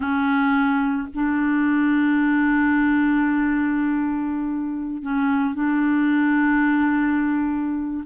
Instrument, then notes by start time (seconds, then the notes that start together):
clarinet
0.00 C#4
1.14 D4
5.02 C#4
5.54 D4